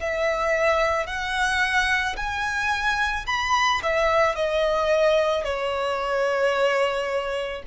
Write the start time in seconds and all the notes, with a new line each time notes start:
0.00 E5
1.06 F#5
2.16 G#5
3.26 B5
3.82 E5
4.35 D#5
5.44 C#5